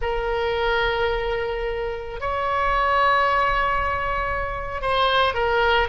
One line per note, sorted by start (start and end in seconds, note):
0.01 2.20 A#4
2.20 4.81 C#5
4.81 5.34 C5
5.34 5.88 A#4